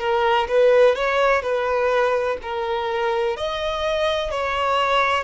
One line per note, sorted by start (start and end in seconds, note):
0.00 0.48 A#4
0.48 0.96 B4
0.96 1.42 C#5
1.42 2.38 B4
2.42 3.37 A#4
3.37 4.31 D#5
4.31 5.24 C#5